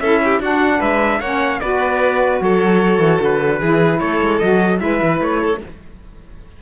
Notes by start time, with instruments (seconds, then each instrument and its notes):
0.00 cello C#4, saxophone E4, violin A4, trumpet E5
0.24 violin G4
0.40 cello D4, saxophone D4, violin F#4, trumpet F#5
0.79 cello G#3, violin B4, trumpet E5
1.20 cello A#3, saxophone C#4, violin C#5, trumpet F#5
1.60 cello B3, saxophone F#4, violin B4, trumpet D5
2.41 cello F#3, violin A4, trumpet C#5
2.99 cello E3
3.21 cello D3, trumpet B4
3.60 cello E3, saxophone E4, violin G#4
4.00 cello A3, violin A4, trumpet C#5
4.22 cello G#3
4.39 cello F#3, saxophone F#4, trumpet D#5
4.78 cello G#3, saxophone E4, trumpet E5
4.84 violin B4
5.03 cello E3
5.21 cello A3, trumpet C#5
5.41 violin A4